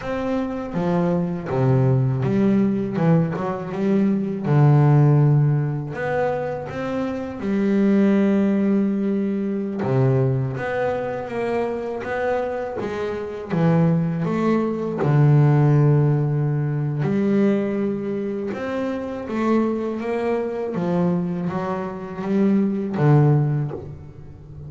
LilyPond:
\new Staff \with { instrumentName = "double bass" } { \time 4/4 \tempo 4 = 81 c'4 f4 c4 g4 | e8 fis8 g4 d2 | b4 c'4 g2~ | g4~ g16 c4 b4 ais8.~ |
ais16 b4 gis4 e4 a8.~ | a16 d2~ d8. g4~ | g4 c'4 a4 ais4 | f4 fis4 g4 d4 | }